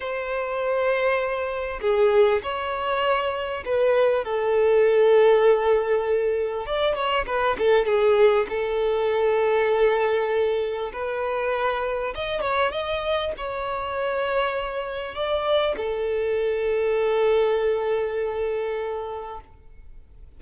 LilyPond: \new Staff \with { instrumentName = "violin" } { \time 4/4 \tempo 4 = 99 c''2. gis'4 | cis''2 b'4 a'4~ | a'2. d''8 cis''8 | b'8 a'8 gis'4 a'2~ |
a'2 b'2 | dis''8 cis''8 dis''4 cis''2~ | cis''4 d''4 a'2~ | a'1 | }